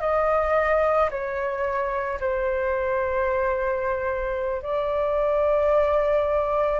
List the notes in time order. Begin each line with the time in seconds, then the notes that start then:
0.00 D#5
1.10 C#5
2.20 C5
4.62 D5